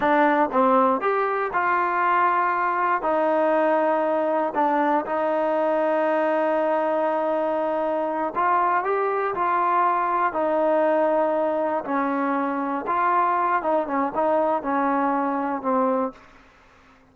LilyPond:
\new Staff \with { instrumentName = "trombone" } { \time 4/4 \tempo 4 = 119 d'4 c'4 g'4 f'4~ | f'2 dis'2~ | dis'4 d'4 dis'2~ | dis'1~ |
dis'8 f'4 g'4 f'4.~ | f'8 dis'2. cis'8~ | cis'4. f'4. dis'8 cis'8 | dis'4 cis'2 c'4 | }